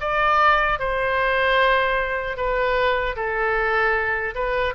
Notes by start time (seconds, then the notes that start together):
0.00 D5
0.79 C5
2.36 B4
3.15 A4
4.34 B4